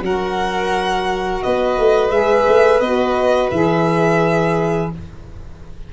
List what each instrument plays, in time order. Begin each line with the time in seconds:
0.00 tuba F#3, saxophone F#4, violin A#4 F#5
1.42 tuba B3, violin B4 D#5
1.77 tuba A3
2.10 tuba G#3, saxophone G#4, violin E5
2.47 tuba A3
2.80 tuba B3, saxophone F#4, violin D#5
3.50 tuba E3, saxophone G#4, violin E5